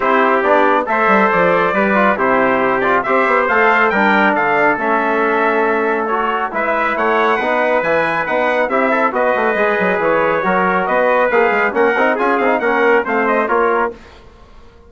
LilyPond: <<
  \new Staff \with { instrumentName = "trumpet" } { \time 4/4 \tempo 4 = 138 c''4 d''4 e''4 d''4~ | d''4 c''4. d''8 e''4 | f''4 g''4 f''4 e''4~ | e''2 cis''4 e''4 |
fis''2 gis''4 fis''4 | e''4 dis''2 cis''4~ | cis''4 dis''4 f''4 fis''4 | gis''8 f''8 fis''4 f''8 dis''8 cis''4 | }
  \new Staff \with { instrumentName = "trumpet" } { \time 4/4 g'2 c''2 | b'4 g'2 c''4~ | c''4 ais'4 a'2~ | a'2. b'4 |
cis''4 b'2. | g'8 a'8 b'2. | ais'4 b'2 ais'4 | gis'4 ais'4 c''4 ais'4 | }
  \new Staff \with { instrumentName = "trombone" } { \time 4/4 e'4 d'4 a'2 | g'8 f'8 e'4. f'8 g'4 | a'4 d'2 cis'4~ | cis'2 fis'4 e'4~ |
e'4 dis'4 e'4 dis'4 | e'4 fis'4 gis'2 | fis'2 gis'4 cis'8 dis'8 | f'8 dis'8 cis'4 c'4 f'4 | }
  \new Staff \with { instrumentName = "bassoon" } { \time 4/4 c'4 b4 a8 g8 f4 | g4 c2 c'8 b8 | a4 g4 d4 a4~ | a2. gis4 |
a4 b4 e4 b4 | c'4 b8 a8 gis8 fis8 e4 | fis4 b4 ais8 gis8 ais8 c'8 | cis'8 c'8 ais4 a4 ais4 | }
>>